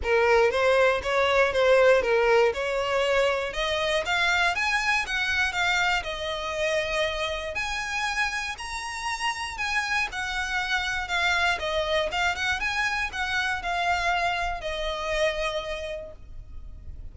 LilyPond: \new Staff \with { instrumentName = "violin" } { \time 4/4 \tempo 4 = 119 ais'4 c''4 cis''4 c''4 | ais'4 cis''2 dis''4 | f''4 gis''4 fis''4 f''4 | dis''2. gis''4~ |
gis''4 ais''2 gis''4 | fis''2 f''4 dis''4 | f''8 fis''8 gis''4 fis''4 f''4~ | f''4 dis''2. | }